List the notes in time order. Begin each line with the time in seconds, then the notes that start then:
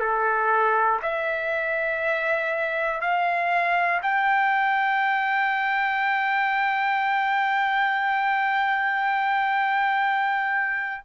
0.00 A4
1.02 E5
3.01 F5
4.02 G5